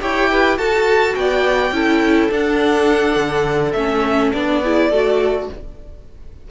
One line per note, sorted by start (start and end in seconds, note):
0.00 0.58 E4
0.00 0.57 G4
0.00 0.30 C#5
0.00 0.57 G5
0.30 0.58 B4
0.57 1.72 F#4
0.57 1.15 F#4
0.57 1.15 A4
0.57 1.15 A5
1.15 1.71 B3
1.15 1.74 D5
1.15 2.30 G5
1.71 2.29 C#4
1.71 2.30 E4
1.71 4.62 A4
2.30 3.74 D4
2.30 3.16 D4
2.30 3.72 F#5
3.16 3.73 D3
3.72 4.32 A3
3.72 4.34 C#4
3.72 4.30 E5
4.33 4.91 B3
4.33 4.63 D4
4.33 5.48 D5
4.62 4.92 E4
4.62 4.90 G#4
4.90 5.48 A3
4.90 5.50 F#4
4.90 5.47 A4